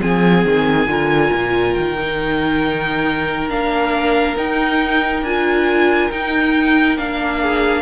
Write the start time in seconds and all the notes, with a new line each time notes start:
0.00 F3 C4 G#4 G#5
0.45 D#3
0.87 D3 F4 A#4
1.33 A#2
1.75 D#3 G5
1.99 D#4
3.49 A#3 D4 F5
4.37 D#4 G5
5.23 D4 F4 G#5
6.11 D#4 G5
6.98 A#3 D4 F5
7.41 G#4